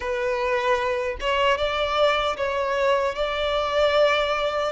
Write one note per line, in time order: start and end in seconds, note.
0.00 1.17 B4
1.20 1.57 C#5
1.57 2.36 D5
2.36 3.15 C#5
3.15 4.72 D5